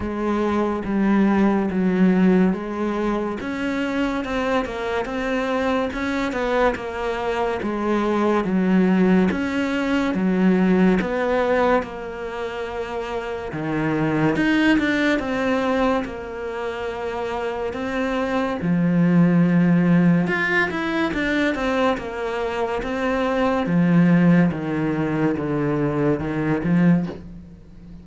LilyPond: \new Staff \with { instrumentName = "cello" } { \time 4/4 \tempo 4 = 71 gis4 g4 fis4 gis4 | cis'4 c'8 ais8 c'4 cis'8 b8 | ais4 gis4 fis4 cis'4 | fis4 b4 ais2 |
dis4 dis'8 d'8 c'4 ais4~ | ais4 c'4 f2 | f'8 e'8 d'8 c'8 ais4 c'4 | f4 dis4 d4 dis8 f8 | }